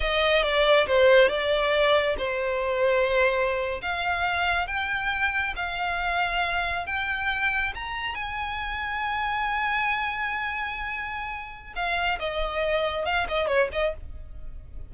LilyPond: \new Staff \with { instrumentName = "violin" } { \time 4/4 \tempo 4 = 138 dis''4 d''4 c''4 d''4~ | d''4 c''2.~ | c''8. f''2 g''4~ g''16~ | g''8. f''2. g''16~ |
g''4.~ g''16 ais''4 gis''4~ gis''16~ | gis''1~ | gis''2. f''4 | dis''2 f''8 dis''8 cis''8 dis''8 | }